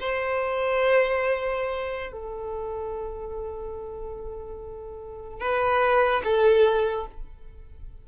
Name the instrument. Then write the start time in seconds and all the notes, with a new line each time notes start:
violin
0.00 C5
2.12 A4
5.40 B4
6.24 A4